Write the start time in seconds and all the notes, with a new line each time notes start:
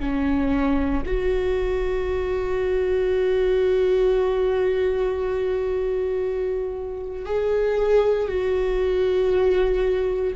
0.00 C#4
1.06 F#4
7.26 G#4
8.28 F#4